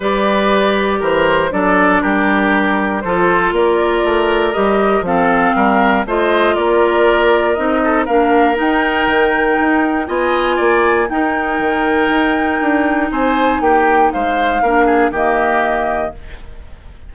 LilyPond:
<<
  \new Staff \with { instrumentName = "flute" } { \time 4/4 \tempo 4 = 119 d''2 c''4 d''4 | ais'2 c''4 d''4~ | d''4 dis''4 f''2 | dis''4 d''2 dis''4 |
f''4 g''2. | gis''2 g''2~ | g''2 gis''4 g''4 | f''2 dis''2 | }
  \new Staff \with { instrumentName = "oboe" } { \time 4/4 b'2 ais'4 a'4 | g'2 a'4 ais'4~ | ais'2 a'4 ais'4 | c''4 ais'2~ ais'8 a'8 |
ais'1 | dis''4 d''4 ais'2~ | ais'2 c''4 g'4 | c''4 ais'8 gis'8 g'2 | }
  \new Staff \with { instrumentName = "clarinet" } { \time 4/4 g'2. d'4~ | d'2 f'2~ | f'4 g'4 c'2 | f'2. dis'4 |
d'4 dis'2. | f'2 dis'2~ | dis'1~ | dis'4 d'4 ais2 | }
  \new Staff \with { instrumentName = "bassoon" } { \time 4/4 g2 e4 fis4 | g2 f4 ais4 | a4 g4 f4 g4 | a4 ais2 c'4 |
ais4 dis'4 dis4 dis'4 | b4 ais4 dis'4 dis4 | dis'4 d'4 c'4 ais4 | gis4 ais4 dis2 | }
>>